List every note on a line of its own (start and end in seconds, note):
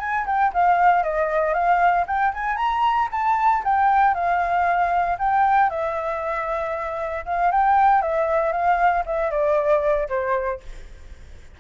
0.00 0.26 G#5
0.26 0.52 G5
0.54 1.03 F5
1.03 1.54 D#5
1.54 2.05 F5
2.07 2.33 G5
2.34 2.57 G#5
2.57 3.08 A#5
3.12 3.63 A5
3.64 4.14 G5
4.14 5.17 F5
5.18 5.70 G5
5.70 7.25 E5
7.26 7.51 F5
7.52 8.02 G5
8.02 8.52 E5
8.52 9.04 F5
9.06 9.31 E5
9.31 10.08 D5
10.09 10.60 C5